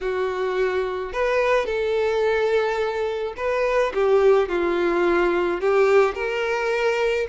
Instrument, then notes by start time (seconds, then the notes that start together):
violin
0.00 F#4
1.12 B4
1.65 A4
3.36 B4
3.94 G4
4.49 F4
5.60 G4
6.14 A#4